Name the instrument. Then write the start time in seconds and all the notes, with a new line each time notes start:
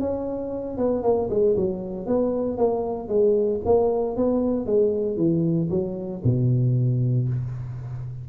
tuba
0.00 C#4
0.78 B3
1.03 A#3
1.30 G#3
1.56 F#3
2.06 B3
2.57 A#3
3.08 G#3
3.65 A#3
4.16 B3
4.66 G#3
5.17 E3
5.70 F#3
6.24 B2